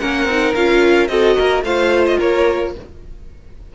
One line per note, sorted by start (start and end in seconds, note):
0.00 0.25 A#3
0.00 0.28 C#4
0.00 1.10 A#4
0.00 0.55 F#5
0.25 0.52 C4
0.25 0.56 D#4
0.55 1.09 C#4
0.55 1.09 F4
0.55 1.08 F5
1.08 1.36 C4
1.08 1.63 F#4
1.08 1.37 A4
1.08 1.62 D#5
1.37 1.63 A#3
1.37 1.64 A#4
1.63 2.18 A3
1.63 2.75 F4
1.63 2.18 C5
1.63 2.06 F5
2.06 2.20 D#5
2.18 2.76 A#3
2.18 2.73 A#4
2.18 2.75 C#5